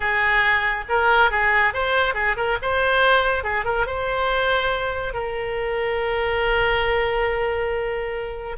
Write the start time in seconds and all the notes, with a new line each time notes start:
0.00 G#4
0.88 A#4
1.30 G#4
1.73 C5
2.14 G#4
2.36 A#4
2.62 C5
3.43 G#4
3.64 A#4
3.86 C5
5.13 A#4